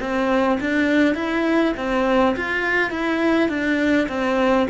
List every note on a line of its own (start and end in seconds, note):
0.00 0.59 C4
0.60 1.14 D4
1.14 1.73 E4
1.76 2.35 C4
2.36 2.90 F4
2.90 3.49 E4
3.49 4.07 D4
4.08 4.67 C4